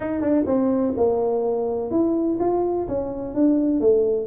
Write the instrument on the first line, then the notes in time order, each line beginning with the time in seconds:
tuba
0.00 D#4
0.21 D4
0.46 C4
0.96 A#3
1.90 E4
2.39 F4
2.88 C#4
3.34 D4
3.80 A3